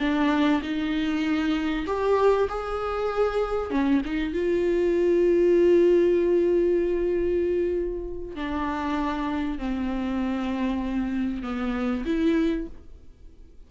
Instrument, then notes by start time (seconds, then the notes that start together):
viola
0.00 D4
0.62 D#4
1.87 G4
2.50 G#4
3.71 C#4
4.05 D#4
4.34 F4
8.36 D4
9.59 C4
11.43 B3
12.06 E4